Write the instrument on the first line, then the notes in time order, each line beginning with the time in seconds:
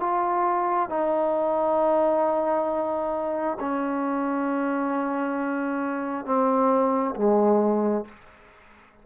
trombone
0.00 F4
0.89 D#4
3.60 C#4
6.25 C4
7.16 G#3